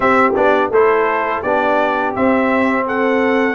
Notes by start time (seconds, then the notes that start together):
0.00 C4 G4 E5
0.35 B3 D4 D5
0.70 A3 E4 A4 C5
1.42 B3 D4 G4 D5
2.14 C4 E5
2.86 A4 F#5